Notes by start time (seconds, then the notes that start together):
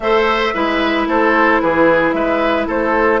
0.00 A3 A4 C5 E5
0.53 G#3 E4 B4
1.06 A3 A4 C5
1.60 E3 G#4 B4
2.12 G#3 B4 E5
2.67 A3 A4 C5